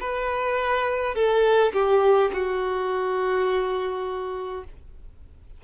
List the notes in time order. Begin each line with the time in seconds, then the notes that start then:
0.00 B4
1.14 A4
1.73 G4
2.33 F#4